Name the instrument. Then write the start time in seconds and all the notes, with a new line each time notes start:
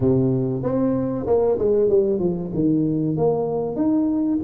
tuba
0.00 C3
0.62 C4
1.26 A#3
1.58 G#3
1.89 G3
2.19 F3
2.53 D#3
3.16 A#3
3.76 D#4